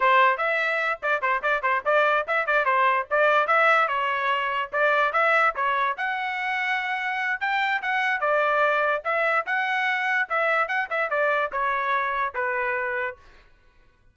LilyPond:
\new Staff \with { instrumentName = "trumpet" } { \time 4/4 \tempo 4 = 146 c''4 e''4. d''8 c''8 d''8 | c''8 d''4 e''8 d''8 c''4 d''8~ | d''8 e''4 cis''2 d''8~ | d''8 e''4 cis''4 fis''4.~ |
fis''2 g''4 fis''4 | d''2 e''4 fis''4~ | fis''4 e''4 fis''8 e''8 d''4 | cis''2 b'2 | }